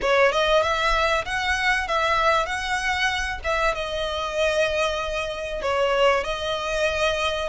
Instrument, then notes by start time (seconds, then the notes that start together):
violin
0.01 C#5
0.32 D#5
0.62 E5
1.25 F#5
1.87 E5
2.45 F#5
3.43 E5
3.74 D#5
5.62 C#5
6.24 D#5